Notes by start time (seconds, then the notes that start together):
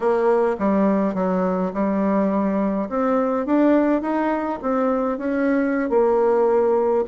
0.00 A#3
0.58 G3
1.14 F#3
1.73 G3
2.89 C4
3.46 D4
4.01 D#4
4.62 C4
5.18 C#4
5.89 A#3